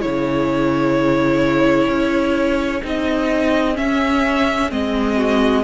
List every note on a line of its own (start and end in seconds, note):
0.00 1.88 C#3
0.00 2.81 E4
0.00 5.16 G#4
0.00 2.83 C#5
1.88 2.82 C#4
2.82 3.78 C4
2.82 3.74 D#4
2.82 3.77 D#5
3.74 4.68 C#4
3.74 4.71 C#4
3.74 4.71 E5
4.70 5.64 G#3
4.70 5.64 C4
4.70 5.64 D#5
5.16 5.63 F#4